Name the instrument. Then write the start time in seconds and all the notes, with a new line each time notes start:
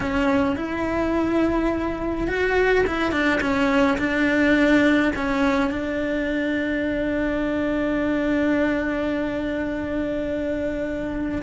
cello
0.00 C#4
0.56 E4
2.27 F#4
2.86 E4
3.11 D4
3.40 C#4
3.97 D4
5.15 C#4
5.70 D4